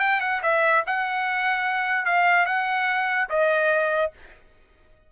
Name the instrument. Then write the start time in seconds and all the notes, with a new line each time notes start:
trumpet
0.00 G5
0.21 F#5
0.43 E5
0.87 F#5
2.05 F5
2.46 F#5
3.30 D#5